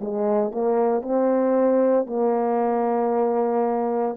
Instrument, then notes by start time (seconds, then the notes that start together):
horn
0.00 G#3
0.52 A#3
1.02 C4
2.07 A#3